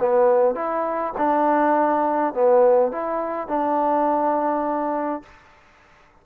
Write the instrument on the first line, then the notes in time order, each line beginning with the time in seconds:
trombone
0.00 B3
0.56 E4
1.18 D4
2.34 B3
2.92 E4
3.48 D4